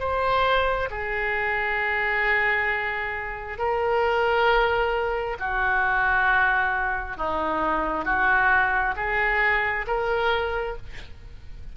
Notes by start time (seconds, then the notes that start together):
0.00 C5
0.90 G#4
3.59 A#4
5.40 F#4
7.17 D#4
8.06 F#4
8.97 G#4
9.88 A#4